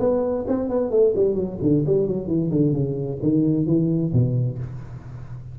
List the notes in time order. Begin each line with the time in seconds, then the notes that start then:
0.00 B3
0.48 C4
0.69 B3
0.91 A3
1.16 G3
1.35 F#3
1.62 D3
1.87 G3
2.08 F#3
2.28 E3
2.51 D3
2.73 C#3
3.23 D#3
3.67 E3
4.13 B2